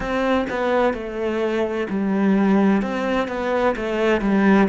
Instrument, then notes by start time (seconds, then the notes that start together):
cello
0.00 C4
0.49 B3
0.93 A3
1.89 G3
2.82 C4
3.28 B3
3.76 A3
4.21 G3